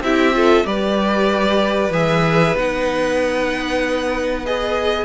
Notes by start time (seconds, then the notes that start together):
0.00 C4 E4 G4 E5
0.34 F4 A4
0.65 G3 G4 B4 D5
1.90 E3 G#4 E5
2.54 B3 D#4 F#5
4.46 G#4 D#5